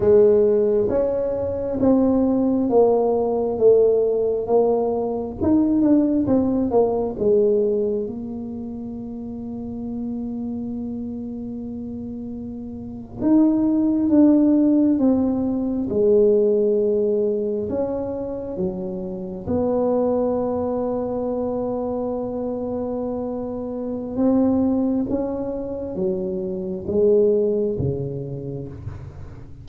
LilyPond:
\new Staff \with { instrumentName = "tuba" } { \time 4/4 \tempo 4 = 67 gis4 cis'4 c'4 ais4 | a4 ais4 dis'8 d'8 c'8 ais8 | gis4 ais2.~ | ais2~ ais8. dis'4 d'16~ |
d'8. c'4 gis2 cis'16~ | cis'8. fis4 b2~ b16~ | b2. c'4 | cis'4 fis4 gis4 cis4 | }